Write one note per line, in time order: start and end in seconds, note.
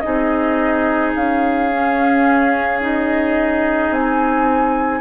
0.00 1.15 C4
0.00 1.69 D#4
0.00 5.00 G#4
0.00 1.11 D#5
1.15 3.90 C#4
1.15 2.82 F5
1.72 2.81 C#4
2.81 5.00 D#4
2.81 3.93 D#5
3.90 5.00 C4
3.90 5.00 G#5